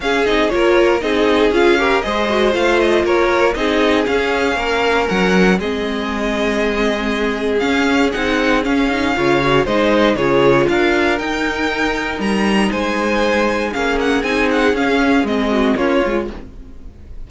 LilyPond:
<<
  \new Staff \with { instrumentName = "violin" } { \time 4/4 \tempo 4 = 118 f''8 dis''8 cis''4 dis''4 f''4 | dis''4 f''8 dis''8 cis''4 dis''4 | f''2 fis''4 dis''4~ | dis''2. f''4 |
fis''4 f''2 dis''4 | cis''4 f''4 g''2 | ais''4 gis''2 f''8 fis''8 | gis''8 fis''8 f''4 dis''4 cis''4 | }
  \new Staff \with { instrumentName = "violin" } { \time 4/4 gis'4 ais'4 gis'4. ais'8 | c''2 ais'4 gis'4~ | gis'4 ais'2 gis'4~ | gis'1~ |
gis'2 cis''4 c''4 | gis'4 ais'2.~ | ais'4 c''2 gis'4~ | gis'2~ gis'8 fis'8 f'4 | }
  \new Staff \with { instrumentName = "viola" } { \time 4/4 cis'8 dis'8 f'4 dis'4 f'8 g'8 | gis'8 fis'8 f'2 dis'4 | cis'2. c'4~ | c'2. cis'4 |
dis'4 cis'8 dis'8 f'8 fis'8 dis'4 | f'2 dis'2~ | dis'2. cis'4 | dis'4 cis'4 c'4 cis'8 f'8 | }
  \new Staff \with { instrumentName = "cello" } { \time 4/4 cis'8 c'8 ais4 c'4 cis'4 | gis4 a4 ais4 c'4 | cis'4 ais4 fis4 gis4~ | gis2. cis'4 |
c'4 cis'4 cis4 gis4 | cis4 d'4 dis'2 | g4 gis2 ais4 | c'4 cis'4 gis4 ais8 gis8 | }
>>